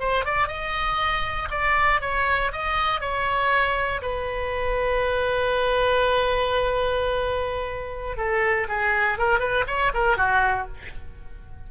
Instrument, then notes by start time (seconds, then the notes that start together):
oboe
0.00 C5
0.25 D5
0.48 D#5
1.51 D5
2.01 C#5
2.52 D#5
3.01 C#5
4.02 B4
8.17 A4
8.68 G#4
9.18 A#4
9.40 B4
9.67 C#5
9.94 A#4
10.17 F#4